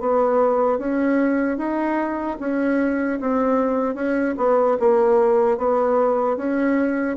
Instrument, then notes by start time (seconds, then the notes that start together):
bassoon
0.00 B3
0.79 C#4
1.58 D#4
2.40 C#4
3.20 C4
3.95 C#4
4.37 B3
4.80 A#3
5.58 B3
6.37 C#4